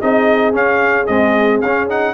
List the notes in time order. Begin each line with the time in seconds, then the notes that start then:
0.00 C4 D#4 G#4 D#5
0.53 C#4 F5
1.06 G#3 C4 D#5
1.61 C#4 F5
1.89 D#4 F#5